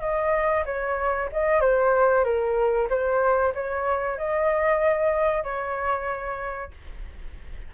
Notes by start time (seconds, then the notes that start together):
0.00 D#5
0.66 C#5
1.32 D#5
1.61 C5
2.24 A#4
2.90 C5
3.54 C#5
4.18 D#5
5.43 C#5